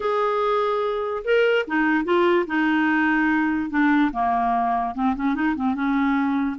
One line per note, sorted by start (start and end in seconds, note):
0.00 1.23 G#4
1.24 1.65 A#4
1.67 2.04 D#4
2.04 2.45 F4
2.47 3.70 D#4
3.70 4.11 D4
4.12 4.94 A#3
4.94 5.15 C4
5.15 5.34 C#4
5.34 5.55 D#4
5.55 5.74 C4
5.74 6.56 C#4